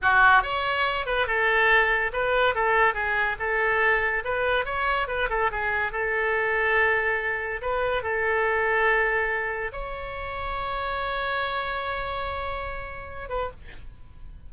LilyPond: \new Staff \with { instrumentName = "oboe" } { \time 4/4 \tempo 4 = 142 fis'4 cis''4. b'8 a'4~ | a'4 b'4 a'4 gis'4 | a'2 b'4 cis''4 | b'8 a'8 gis'4 a'2~ |
a'2 b'4 a'4~ | a'2. cis''4~ | cis''1~ | cis''2.~ cis''8 b'8 | }